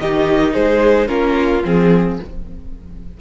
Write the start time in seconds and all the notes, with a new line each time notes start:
0.00 D#3 D#4 G4 D#5
0.54 G#3 G#4 C5
1.07 A#3 C#4 F4 A#4
1.65 F3 C4 G#4